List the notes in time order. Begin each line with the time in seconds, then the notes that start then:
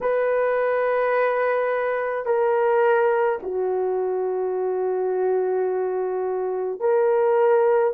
0.01 B4
2.25 A#4
3.43 F#4
6.80 A#4